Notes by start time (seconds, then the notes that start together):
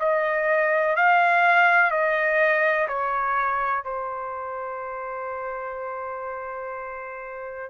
0.00 D#5
0.97 F5
1.91 D#5
2.89 C#5
3.84 C5